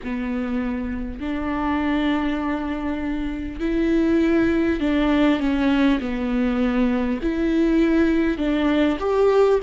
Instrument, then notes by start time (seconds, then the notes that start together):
viola
0.03 B3
1.19 D4
3.59 E4
4.80 D4
5.39 C#4
6.00 B3
7.22 E4
8.37 D4
8.99 G4